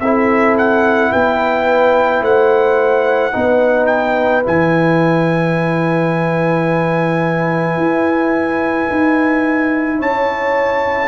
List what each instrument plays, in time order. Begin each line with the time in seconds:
0.00 tuba C4, trombone E4, horn A4, trumpet E5
0.58 trumpet F#5
1.12 tuba B3, horn B4, trumpet G5
2.21 tuba A3, horn C5, trumpet F#5
3.32 tuba B3, trombone D#4, horn B4
3.87 trumpet G5
4.43 tuba E3, trombone E4, trumpet G#5
7.77 tuba E4
8.90 tuba D#4
9.99 tuba C#4, horn C#5, trumpet A5